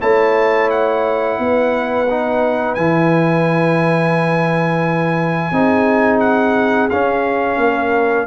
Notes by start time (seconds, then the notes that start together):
0.00 A3 E4 C#5 A5
0.70 F#5
1.38 B3 B4
2.10 D#4
2.74 E3 E4 G#5
5.51 C4 D#4 G#4
6.20 F#5
6.90 C#4 F5
7.57 A#3
7.63 A#4